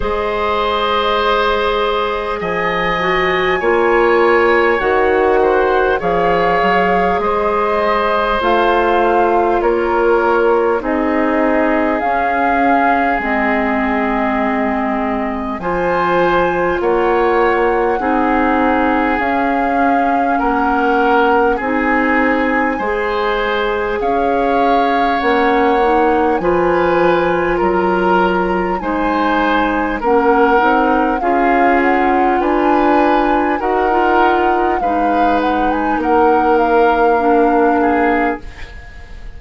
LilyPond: <<
  \new Staff \with { instrumentName = "flute" } { \time 4/4 \tempo 4 = 50 dis''2 gis''2 | fis''4 f''4 dis''4 f''4 | cis''4 dis''4 f''4 dis''4~ | dis''4 gis''4 fis''2 |
f''4 fis''4 gis''2 | f''4 fis''4 gis''4 ais''4 | gis''4 fis''4 f''8 fis''8 gis''4 | fis''4 f''8 fis''16 gis''16 fis''8 f''4. | }
  \new Staff \with { instrumentName = "oboe" } { \time 4/4 c''2 dis''4 cis''4~ | cis''8 c''8 cis''4 c''2 | ais'4 gis'2.~ | gis'4 c''4 cis''4 gis'4~ |
gis'4 ais'4 gis'4 c''4 | cis''2 b'4 ais'4 | c''4 ais'4 gis'4 b'4 | ais'4 b'4 ais'4. gis'8 | }
  \new Staff \with { instrumentName = "clarinet" } { \time 4/4 gis'2~ gis'8 fis'8 f'4 | fis'4 gis'2 f'4~ | f'4 dis'4 cis'4 c'4~ | c'4 f'2 dis'4 |
cis'2 dis'4 gis'4~ | gis'4 cis'8 dis'8 f'2 | dis'4 cis'8 dis'8 f'2 | fis'16 f'8. dis'2 d'4 | }
  \new Staff \with { instrumentName = "bassoon" } { \time 4/4 gis2 f4 ais4 | dis4 f8 fis8 gis4 a4 | ais4 c'4 cis'4 gis4~ | gis4 f4 ais4 c'4 |
cis'4 ais4 c'4 gis4 | cis'4 ais4 f4 fis4 | gis4 ais8 c'8 cis'4 d'4 | dis'4 gis4 ais2 | }
>>